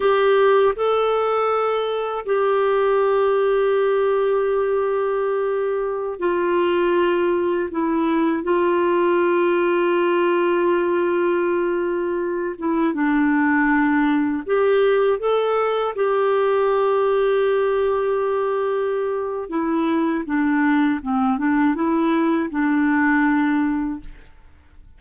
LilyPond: \new Staff \with { instrumentName = "clarinet" } { \time 4/4 \tempo 4 = 80 g'4 a'2 g'4~ | g'1~ | g'16 f'2 e'4 f'8.~ | f'1~ |
f'8. e'8 d'2 g'8.~ | g'16 a'4 g'2~ g'8.~ | g'2 e'4 d'4 | c'8 d'8 e'4 d'2 | }